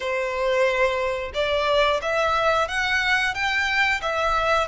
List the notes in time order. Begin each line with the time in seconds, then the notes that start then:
0.00 C5
1.33 D5
2.02 E5
2.68 F#5
3.34 G5
4.01 E5